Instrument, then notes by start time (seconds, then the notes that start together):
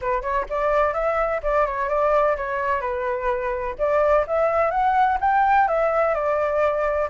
flute
0.01 B4
0.21 C#5
0.49 D5
0.93 E5
1.43 D5
1.66 C#5
1.89 D5
2.36 C#5
2.80 B4
3.78 D5
4.27 E5
4.71 F#5
5.20 G5
5.68 E5
6.14 D5